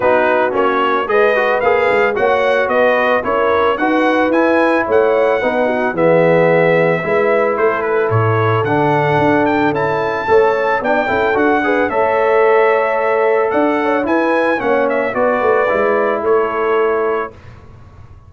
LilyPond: <<
  \new Staff \with { instrumentName = "trumpet" } { \time 4/4 \tempo 4 = 111 b'4 cis''4 dis''4 f''4 | fis''4 dis''4 cis''4 fis''4 | gis''4 fis''2 e''4~ | e''2 c''8 b'8 cis''4 |
fis''4. g''8 a''2 | g''4 fis''4 e''2~ | e''4 fis''4 gis''4 fis''8 e''8 | d''2 cis''2 | }
  \new Staff \with { instrumentName = "horn" } { \time 4/4 fis'2 b'2 | cis''4 b'4 ais'4 b'4~ | b'4 cis''4 b'8 fis'8 gis'4~ | gis'4 b'4 a'2~ |
a'2. cis''4 | d''8 a'4 b'8 cis''2~ | cis''4 d''8 cis''8 b'4 cis''4 | b'2 a'2 | }
  \new Staff \with { instrumentName = "trombone" } { \time 4/4 dis'4 cis'4 gis'8 fis'8 gis'4 | fis'2 e'4 fis'4 | e'2 dis'4 b4~ | b4 e'2. |
d'2 e'4 a'4 | d'8 e'8 fis'8 gis'8 a'2~ | a'2 e'4 cis'4 | fis'4 e'2. | }
  \new Staff \with { instrumentName = "tuba" } { \time 4/4 b4 ais4 gis4 ais8 gis8 | ais4 b4 cis'4 dis'4 | e'4 a4 b4 e4~ | e4 gis4 a4 a,4 |
d4 d'4 cis'4 a4 | b8 cis'8 d'4 a2~ | a4 d'4 e'4 ais4 | b8 a8 gis4 a2 | }
>>